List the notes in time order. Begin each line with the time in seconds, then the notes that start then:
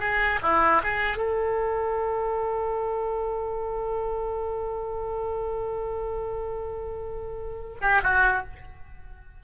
0.00 G#4
0.43 E4
0.83 G#4
1.17 A4
7.82 G4
8.04 F#4